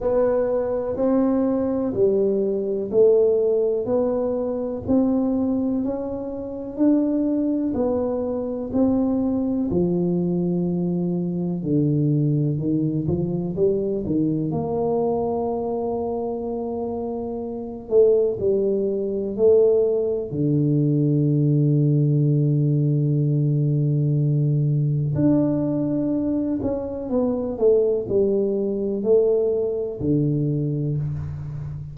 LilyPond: \new Staff \with { instrumentName = "tuba" } { \time 4/4 \tempo 4 = 62 b4 c'4 g4 a4 | b4 c'4 cis'4 d'4 | b4 c'4 f2 | d4 dis8 f8 g8 dis8 ais4~ |
ais2~ ais8 a8 g4 | a4 d2.~ | d2 d'4. cis'8 | b8 a8 g4 a4 d4 | }